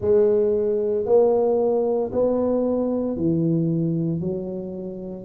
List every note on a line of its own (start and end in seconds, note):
0.00 1.05 G#3
1.05 2.11 A#3
2.12 3.16 B3
3.16 4.20 E3
4.20 5.24 F#3